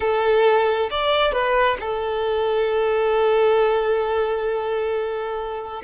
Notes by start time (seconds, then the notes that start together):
0.00 A4
0.90 D5
1.32 B4
1.80 A4